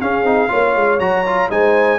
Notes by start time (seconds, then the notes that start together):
0.00 C#4 G#4 F5
0.22 C4 D#4
0.48 A#3 F4 C#5
0.75 G#3
0.99 F#3 F#4 A#5
1.26 F4
1.49 G#3 D#4 C5 G#5